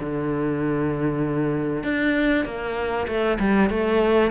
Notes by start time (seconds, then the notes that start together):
0.00 D3
1.84 D4
2.45 A#3
3.08 A3
3.40 G3
3.70 A3